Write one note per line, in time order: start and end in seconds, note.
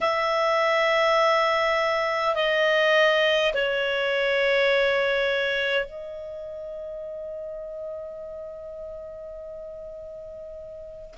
0.00 2.35 E5
2.35 3.52 D#5
3.53 5.85 C#5
5.85 11.14 D#5